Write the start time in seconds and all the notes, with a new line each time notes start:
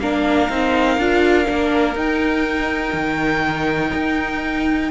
0.00 A#3 D4 A#4 F5
0.50 C4 D#4
0.98 D4 F4
1.46 A#3 D4
1.96 D#4 G5
2.94 D#3
3.94 D#4